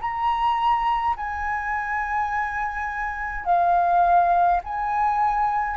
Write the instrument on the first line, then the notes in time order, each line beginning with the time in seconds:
flute
0.00 A#5
1.16 G#5
3.45 F5
4.64 G#5